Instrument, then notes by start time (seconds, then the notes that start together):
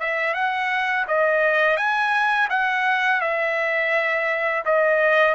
trumpet
0.00 E5
0.34 F#5
1.07 D#5
1.77 G#5
2.50 F#5
3.21 E5
4.65 D#5